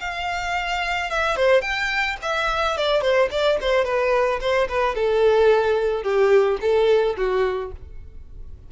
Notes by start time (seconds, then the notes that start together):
0.00 F5
1.10 E5
1.36 C5
1.61 G5
2.22 E5
2.77 D5
3.01 C5
3.31 D5
3.61 C5
3.84 B4
4.40 C5
4.68 B4
4.95 A4
6.03 G4
6.61 A4
7.17 F#4